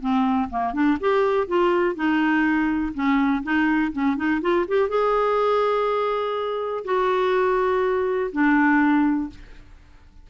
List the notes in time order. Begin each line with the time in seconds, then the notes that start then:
0.00 C4
0.49 A#3
0.73 D4
1.00 G4
1.47 F4
1.95 D#4
2.94 C#4
3.43 D#4
3.92 C#4
4.16 D#4
4.41 F4
4.67 G4
4.89 G#4
6.84 F#4
8.32 D4